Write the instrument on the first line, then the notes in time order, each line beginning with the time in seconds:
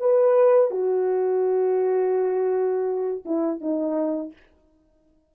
horn
0.00 B4
0.71 F#4
3.26 E4
3.61 D#4